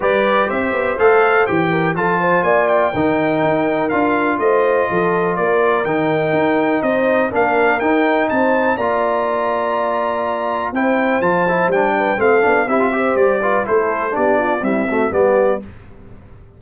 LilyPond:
<<
  \new Staff \with { instrumentName = "trumpet" } { \time 4/4 \tempo 4 = 123 d''4 e''4 f''4 g''4 | a''4 gis''8 g''2~ g''8 | f''4 dis''2 d''4 | g''2 dis''4 f''4 |
g''4 a''4 ais''2~ | ais''2 g''4 a''4 | g''4 f''4 e''4 d''4 | c''4 d''4 e''4 d''4 | }
  \new Staff \with { instrumentName = "horn" } { \time 4/4 b'4 c''2~ c''8 ais'8 | a'8 c''8 d''4 ais'2~ | ais'4 c''4 a'4 ais'4~ | ais'2 c''4 ais'4~ |
ais'4 c''4 d''2~ | d''2 c''2~ | c''8 b'8 a'4 g'8 c''4 b'8 | a'4 g'8 f'8 e'8 fis'8 g'4 | }
  \new Staff \with { instrumentName = "trombone" } { \time 4/4 g'2 a'4 g'4 | f'2 dis'2 | f'1 | dis'2. d'4 |
dis'2 f'2~ | f'2 e'4 f'8 e'8 | d'4 c'8 d'8 e'16 f'16 g'4 f'8 | e'4 d'4 g8 a8 b4 | }
  \new Staff \with { instrumentName = "tuba" } { \time 4/4 g4 c'8 b8 a4 e4 | f4 ais4 dis4 dis'4 | d'4 a4 f4 ais4 | dis4 dis'4 c'4 ais4 |
dis'4 c'4 ais2~ | ais2 c'4 f4 | g4 a8 b8 c'4 g4 | a4 b4 c'4 g4 | }
>>